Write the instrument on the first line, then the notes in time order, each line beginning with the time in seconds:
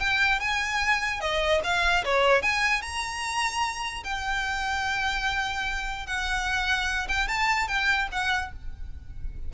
violin
0.00 G5
0.40 G#5
1.21 D#5
1.64 F5
2.05 C#5
2.43 G#5
2.82 A#5
4.04 G5
6.07 F#5
7.09 G5
7.28 A5
7.68 G5
8.12 F#5